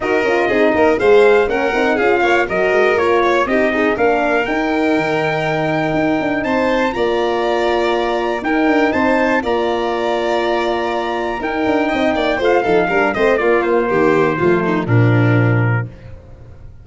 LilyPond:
<<
  \new Staff \with { instrumentName = "trumpet" } { \time 4/4 \tempo 4 = 121 dis''2 f''4 fis''4 | f''4 dis''4 cis''4 dis''4 | f''4 g''2.~ | g''4 a''4 ais''2~ |
ais''4 g''4 a''4 ais''4~ | ais''2. g''4~ | g''4 f''4. dis''8 d''8 c''8~ | c''2 ais'2 | }
  \new Staff \with { instrumentName = "violin" } { \time 4/4 ais'4 gis'8 ais'8 c''4 ais'4 | gis'8 cis''8 ais'4. cis''8 g'8 dis'8 | ais'1~ | ais'4 c''4 d''2~ |
d''4 ais'4 c''4 d''4~ | d''2. ais'4 | dis''8 d''8 c''8 a'8 ais'8 c''8 f'4 | g'4 f'8 dis'8 d'2 | }
  \new Staff \with { instrumentName = "horn" } { \time 4/4 fis'8 f'8 dis'4 gis'4 cis'8 dis'8 | f'4 fis'4 f'4 dis'8 gis'8 | d'4 dis'2.~ | dis'2 f'2~ |
f'4 dis'2 f'4~ | f'2. dis'4~ | dis'4 f'8 dis'8 d'8 c'8 ais4~ | ais4 a4 f2 | }
  \new Staff \with { instrumentName = "tuba" } { \time 4/4 dis'8 cis'8 c'8 ais8 gis4 ais8 c'8 | cis'8 ais8 fis8 gis8 ais4 c'4 | ais4 dis'4 dis2 | dis'8 d'8 c'4 ais2~ |
ais4 dis'8 d'8 c'4 ais4~ | ais2. dis'8 d'8 | c'8 ais8 a8 f8 g8 a8 ais4 | dis4 f4 ais,2 | }
>>